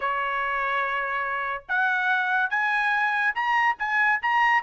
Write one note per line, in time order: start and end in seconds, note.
0.00 1.63 C#5
1.68 2.50 F#5
2.50 3.34 G#5
3.34 3.76 A#5
3.78 4.20 G#5
4.21 4.63 A#5